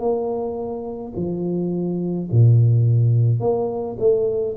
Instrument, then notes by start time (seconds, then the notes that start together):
tuba
0.00 A#3
1.16 F3
2.32 A#2
3.40 A#3
4.00 A3